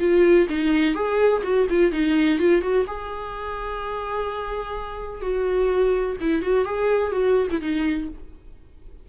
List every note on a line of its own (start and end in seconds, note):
0.00 0.48 F4
0.50 0.95 D#4
0.95 1.42 G#4
1.44 1.67 F#4
1.70 1.92 F4
1.92 2.39 D#4
2.39 2.62 F4
2.62 2.86 F#4
2.87 5.21 G#4
5.21 6.17 F#4
6.21 6.42 E4
6.42 6.65 F#4
6.65 7.12 G#4
7.12 7.48 F#4
7.51 7.61 E4
7.61 8.09 D#4